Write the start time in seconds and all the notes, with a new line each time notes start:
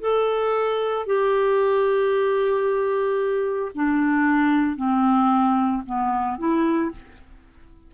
0.00 A4
1.06 G4
3.74 D4
4.76 C4
5.86 B3
6.38 E4